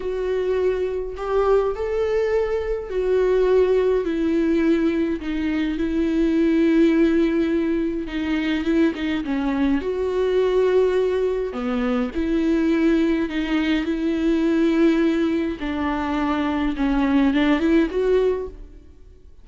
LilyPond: \new Staff \with { instrumentName = "viola" } { \time 4/4 \tempo 4 = 104 fis'2 g'4 a'4~ | a'4 fis'2 e'4~ | e'4 dis'4 e'2~ | e'2 dis'4 e'8 dis'8 |
cis'4 fis'2. | b4 e'2 dis'4 | e'2. d'4~ | d'4 cis'4 d'8 e'8 fis'4 | }